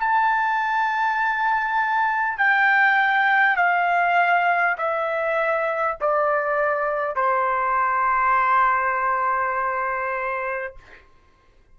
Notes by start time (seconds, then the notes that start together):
0.00 A5
2.38 G5
3.57 F5
4.78 E5
6.01 D5
7.16 C5